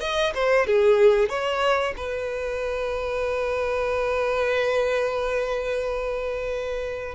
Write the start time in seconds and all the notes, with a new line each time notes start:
0.00 D#5
0.34 C5
0.66 G#4
1.28 C#5
1.97 B4